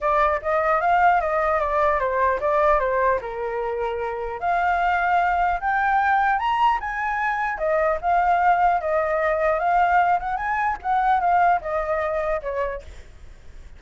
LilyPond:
\new Staff \with { instrumentName = "flute" } { \time 4/4 \tempo 4 = 150 d''4 dis''4 f''4 dis''4 | d''4 c''4 d''4 c''4 | ais'2. f''4~ | f''2 g''2 |
ais''4 gis''2 dis''4 | f''2 dis''2 | f''4. fis''8 gis''4 fis''4 | f''4 dis''2 cis''4 | }